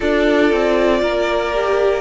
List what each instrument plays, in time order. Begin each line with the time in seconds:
0.00 cello D4, viola F4, violin A4 D5
0.51 cello C4
1.01 cello A#3, violin A#4
1.54 viola G4